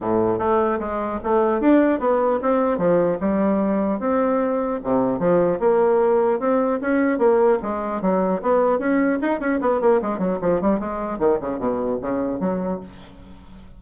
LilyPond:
\new Staff \with { instrumentName = "bassoon" } { \time 4/4 \tempo 4 = 150 a,4 a4 gis4 a4 | d'4 b4 c'4 f4 | g2 c'2 | c4 f4 ais2 |
c'4 cis'4 ais4 gis4 | fis4 b4 cis'4 dis'8 cis'8 | b8 ais8 gis8 fis8 f8 g8 gis4 | dis8 cis8 b,4 cis4 fis4 | }